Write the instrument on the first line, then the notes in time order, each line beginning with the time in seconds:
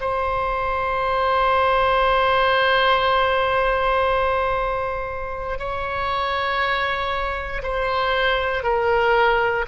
oboe
0.00 C5
5.58 C#5
7.63 C5
8.63 A#4